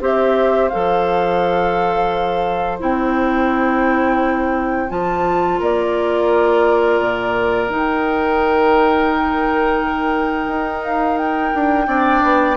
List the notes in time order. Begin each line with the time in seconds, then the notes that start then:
0.00 C4 G4 C5 E5
0.68 F3 A4 F5
2.79 C4 E4 G5
4.88 F3 F4 A5
5.58 A#3 A#4 D5
7.00 A#2
7.69 D#3 D#4 G5
10.47 D#4
10.84 F5
11.17 G5
11.54 D4
11.86 C4 D4 D5
12.23 B3